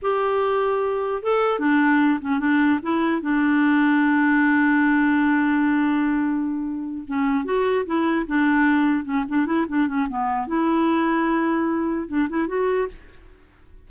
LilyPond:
\new Staff \with { instrumentName = "clarinet" } { \time 4/4 \tempo 4 = 149 g'2. a'4 | d'4. cis'8 d'4 e'4 | d'1~ | d'1~ |
d'4. cis'4 fis'4 e'8~ | e'8 d'2 cis'8 d'8 e'8 | d'8 cis'8 b4 e'2~ | e'2 d'8 e'8 fis'4 | }